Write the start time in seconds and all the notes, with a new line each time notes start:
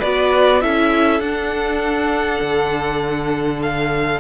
0.00 B3 F#4 B4 D5
0.61 C#4 E4 A4 E5
1.20 D4 F#5
2.41 D3
3.63 F5